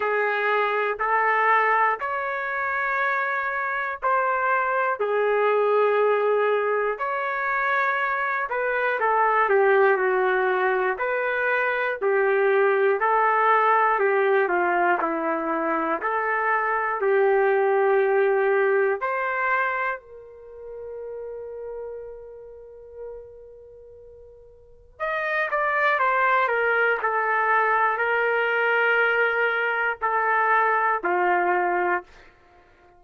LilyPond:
\new Staff \with { instrumentName = "trumpet" } { \time 4/4 \tempo 4 = 60 gis'4 a'4 cis''2 | c''4 gis'2 cis''4~ | cis''8 b'8 a'8 g'8 fis'4 b'4 | g'4 a'4 g'8 f'8 e'4 |
a'4 g'2 c''4 | ais'1~ | ais'4 dis''8 d''8 c''8 ais'8 a'4 | ais'2 a'4 f'4 | }